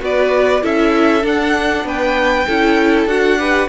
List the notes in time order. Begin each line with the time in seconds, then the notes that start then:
0.00 B3 F#4 B4 D5
0.62 C#4 E4 A4 E5
1.21 D4 F#5
1.84 B3 B4 G5
2.46 C#4 E4 A4
3.06 D4 F#4 F#5
3.38 G4 B4